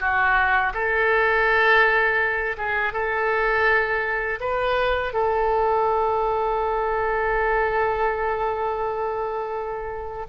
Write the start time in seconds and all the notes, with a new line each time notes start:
0.00 F#4
0.74 A4
2.57 G#4
2.93 A4
4.40 B4
5.14 A4